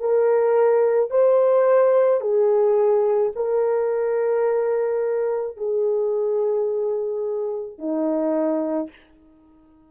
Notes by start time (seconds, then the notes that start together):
0.00 A#4
1.10 C5
2.21 G#4
3.35 A#4
5.57 G#4
7.78 D#4